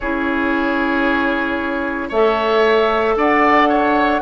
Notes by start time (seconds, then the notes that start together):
0.00 C#4 E4 G#4 C#5
2.08 A3 A4 C#5 E5
3.16 D4 D5 F#5
3.68 C#5